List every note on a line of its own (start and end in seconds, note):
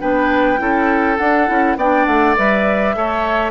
0.00 0.60 B3
0.00 0.58 D4
0.00 0.60 B4
0.00 1.17 G5
0.58 1.19 C#4
0.58 1.17 E4
0.58 1.78 A4
1.17 1.47 D4
1.17 1.49 D4
1.17 1.76 F#5
1.47 1.76 C#4
1.47 1.77 E4
1.76 2.06 B3
1.76 2.37 D4
1.76 2.95 D5
1.76 2.06 G5
2.06 2.36 A3
2.06 2.35 F#5
2.37 2.95 G3
2.37 2.95 B4
2.37 3.51 E5
2.95 3.51 A3
2.95 3.51 A4
2.95 3.51 C#5